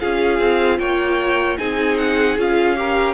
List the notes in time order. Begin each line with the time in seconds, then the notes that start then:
0.00 C#4 F4 G#4 F5
0.39 C4
0.79 A#3 C#5 G5
1.58 C4 D#4 G#4 G#5
1.98 F#5
2.38 C#4 F4 F5
2.76 G4 A#4